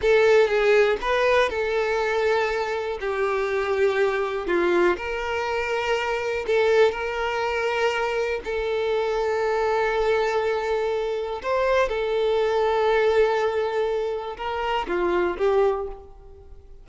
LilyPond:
\new Staff \with { instrumentName = "violin" } { \time 4/4 \tempo 4 = 121 a'4 gis'4 b'4 a'4~ | a'2 g'2~ | g'4 f'4 ais'2~ | ais'4 a'4 ais'2~ |
ais'4 a'2.~ | a'2. c''4 | a'1~ | a'4 ais'4 f'4 g'4 | }